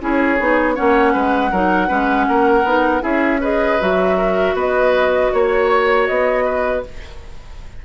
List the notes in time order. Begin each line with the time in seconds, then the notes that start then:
0.00 C#4 E4 G#4 C#5
0.39 B3 D#4
0.75 A#3 C#4 C#5 F#5
1.13 G#3 B4
1.51 F#3 D#4 A#4
1.88 G#3 C#4 B4
2.28 A#3 A#4
2.64 B3 D#4
3.00 C#4 E4 G#4 E5
3.40 G#4 B4 D#5
3.80 F#3 F#4 E5
4.17 A#4
4.54 B3 B4 D#5
5.33 A#3 C#5
6.07 B3 D#5
6.45 B4